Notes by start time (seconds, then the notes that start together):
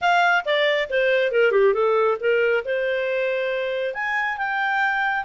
0.01 F5
0.45 D5
0.89 C5
1.31 A#4
1.51 G4
1.73 A4
2.20 A#4
2.64 C5
3.93 G#5
4.37 G5